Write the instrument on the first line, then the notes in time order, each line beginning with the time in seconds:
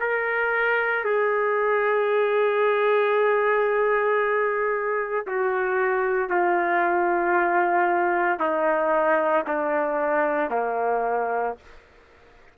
trumpet
0.00 A#4
1.04 G#4
5.27 F#4
6.30 F4
8.40 D#4
9.47 D4
10.51 A#3